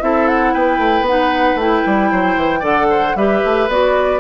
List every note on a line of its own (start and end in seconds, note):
0.00 0.54 C4
0.00 1.05 E4
0.00 0.53 A4
0.00 0.27 E5
0.27 0.53 F#5
0.53 0.78 B3
0.53 2.11 B4
0.53 1.06 G5
0.78 1.01 A3
1.01 1.53 B3
1.01 1.59 F#5
1.07 1.59 D#4
1.55 1.81 A3
1.55 2.61 E4
1.55 2.65 G5
1.86 2.12 G3
2.11 2.36 F#3
2.11 2.59 C5
2.36 2.61 E3
2.59 3.14 D3
2.59 3.14 A4
2.59 2.86 D5
2.59 3.16 F#5
2.90 3.16 C5
3.15 3.41 G3
3.15 3.70 G4
3.15 4.20 B4
3.15 3.69 E5
3.45 3.68 A3
3.68 4.20 B3
3.68 4.20 F#4
3.68 4.20 D5